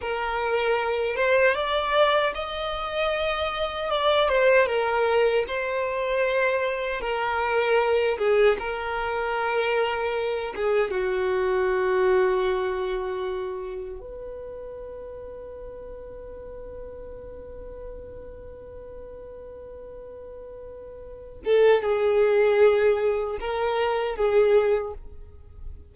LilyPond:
\new Staff \with { instrumentName = "violin" } { \time 4/4 \tempo 4 = 77 ais'4. c''8 d''4 dis''4~ | dis''4 d''8 c''8 ais'4 c''4~ | c''4 ais'4. gis'8 ais'4~ | ais'4. gis'8 fis'2~ |
fis'2 b'2~ | b'1~ | b'2.~ b'8 a'8 | gis'2 ais'4 gis'4 | }